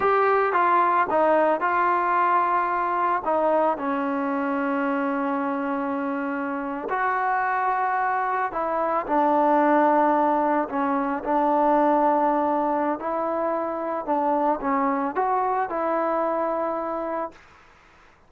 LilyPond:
\new Staff \with { instrumentName = "trombone" } { \time 4/4 \tempo 4 = 111 g'4 f'4 dis'4 f'4~ | f'2 dis'4 cis'4~ | cis'1~ | cis'8. fis'2. e'16~ |
e'8. d'2. cis'16~ | cis'8. d'2.~ d'16 | e'2 d'4 cis'4 | fis'4 e'2. | }